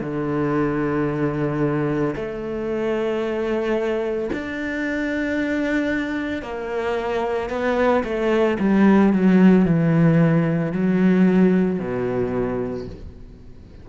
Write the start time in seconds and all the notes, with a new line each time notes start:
0.00 D3
2.15 A3
4.32 D4
6.42 A#3
7.50 B3
8.04 A3
8.59 G3
9.13 F#3
9.65 E3
10.72 F#3
11.79 B2